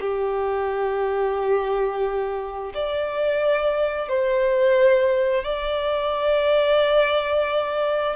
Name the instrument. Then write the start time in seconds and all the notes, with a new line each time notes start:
violin
0.00 G4
2.74 D5
4.08 C5
5.44 D5